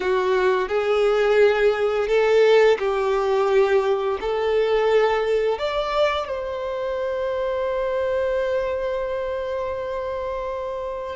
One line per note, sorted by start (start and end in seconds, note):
0.00 0.68 F#4
0.68 2.07 G#4
2.07 2.77 A4
2.78 4.18 G4
4.21 5.58 A4
5.58 6.28 D5
6.28 11.15 C5